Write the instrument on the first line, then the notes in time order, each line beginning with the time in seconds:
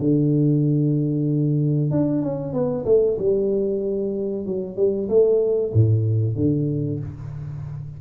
tuba
0.00 D3
1.91 D4
2.23 C#4
2.53 B3
2.85 A3
3.19 G3
4.46 F#3
4.77 G3
5.09 A3
5.74 A2
6.36 D3